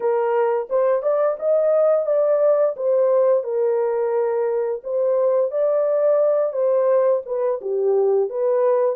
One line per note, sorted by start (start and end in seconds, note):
0.00 0.68 A#4
0.69 1.02 C5
1.02 1.36 D5
1.39 2.06 D#5
2.06 2.75 D5
2.76 3.43 C5
3.43 4.81 A#4
4.83 5.51 C5
5.51 6.52 D5
6.52 7.21 C5
7.25 7.60 B4
7.61 8.29 G4
8.29 8.95 B4